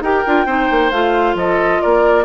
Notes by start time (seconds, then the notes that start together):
0.00 D#4 G4 A#4 G5
0.26 D4 F4
0.45 C4 D#4 C5
0.70 A#3
0.91 A3 F4 F5
1.34 F3 A4 D#5
1.81 A#3 A#4 D5